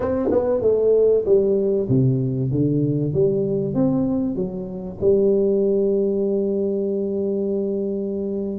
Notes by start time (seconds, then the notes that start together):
0.00 C4
0.31 B3
0.61 A3
1.25 G3
1.88 C3
2.51 D3
3.13 G3
3.74 C4
4.35 F#3
5.00 G3